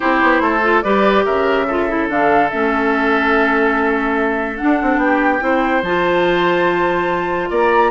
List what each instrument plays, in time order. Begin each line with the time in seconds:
0.00 bassoon C4, clarinet E4, oboe G4, flute C5
0.22 bassoon B3
0.40 bassoon A3, oboe A4
0.62 clarinet F4
0.82 bassoon G3, clarinet G4, oboe B4, flute D5
1.24 bassoon C#3, oboe A#4, flute E5
1.67 clarinet F4, oboe A4
1.89 clarinet E4
2.08 bassoon D3, clarinet D4, flute F5
2.49 bassoon A3, clarinet C#4, flute E5
4.57 clarinet D4, bassoon D4, flute F#5
4.82 bassoon C4
4.97 bassoon B3, flute G5
5.03 oboe G4
5.40 bassoon C4, clarinet E4, oboe C5
5.82 bassoon F3, clarinet F4, flute A5
7.50 bassoon A#3, oboe D5, flute A#5